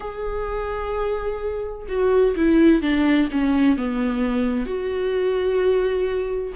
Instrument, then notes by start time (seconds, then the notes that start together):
viola
0.00 G#4
1.88 F#4
2.36 E4
2.82 D4
3.31 C#4
3.77 B3
4.65 F#4